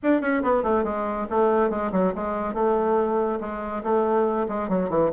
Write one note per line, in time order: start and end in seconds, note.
0.02 0.21 D4
0.21 0.42 C#4
0.43 0.63 B3
0.63 0.84 A3
0.84 1.26 G#3
1.30 1.70 A3
1.70 1.91 G#3
1.91 2.13 F#3
2.15 2.54 G#3
2.54 3.39 A3
3.40 3.82 G#3
3.83 4.46 A3
4.48 4.68 G#3
4.68 4.89 F#3
4.89 5.11 E3